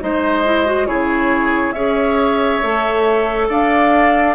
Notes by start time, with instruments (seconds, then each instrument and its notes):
0.00 bassoon G#3, clarinet D#4, oboe C5, flute D#5
0.44 clarinet E4
0.66 clarinet F#4
0.86 bassoon C#3, clarinet E4, oboe G#4, flute C#5
1.72 bassoon C#4, clarinet G#4, oboe C#5, flute E5
2.63 bassoon A3, clarinet A4
3.49 bassoon D4, oboe D5, flute F5